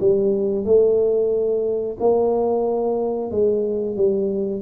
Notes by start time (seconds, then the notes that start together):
0.00 G3
0.65 A3
2.00 A#3
3.31 G#3
3.97 G3